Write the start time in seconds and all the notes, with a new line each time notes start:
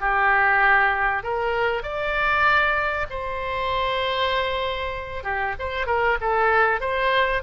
0.00 G4
1.23 A#4
1.83 D5
3.10 C5
5.24 G4
5.59 C5
5.87 A#4
6.21 A4
6.80 C5